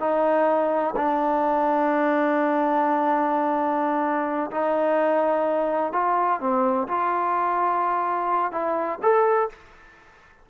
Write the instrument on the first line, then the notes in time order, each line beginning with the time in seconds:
trombone
0.00 D#4
0.96 D4
4.51 D#4
5.93 F4
6.40 C4
6.88 F4
8.52 E4
9.02 A4